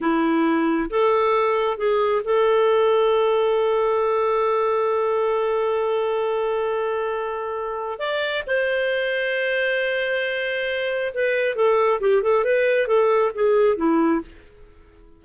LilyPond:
\new Staff \with { instrumentName = "clarinet" } { \time 4/4 \tempo 4 = 135 e'2 a'2 | gis'4 a'2.~ | a'1~ | a'1~ |
a'2 d''4 c''4~ | c''1~ | c''4 b'4 a'4 g'8 a'8 | b'4 a'4 gis'4 e'4 | }